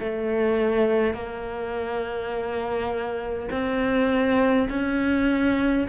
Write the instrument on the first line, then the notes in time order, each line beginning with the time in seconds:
cello
0.00 A3
1.14 A#3
3.52 C4
4.70 C#4